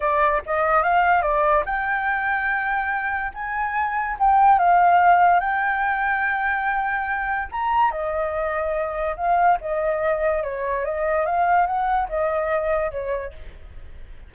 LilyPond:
\new Staff \with { instrumentName = "flute" } { \time 4/4 \tempo 4 = 144 d''4 dis''4 f''4 d''4 | g''1 | gis''2 g''4 f''4~ | f''4 g''2.~ |
g''2 ais''4 dis''4~ | dis''2 f''4 dis''4~ | dis''4 cis''4 dis''4 f''4 | fis''4 dis''2 cis''4 | }